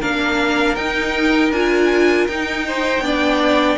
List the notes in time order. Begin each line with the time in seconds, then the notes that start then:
0.00 A#3 D4 A#4 F5
0.76 D#4 G5
1.51 D4 F4 G#5
2.27 D#4 G5
2.68 C5
3.01 B3 D4 D5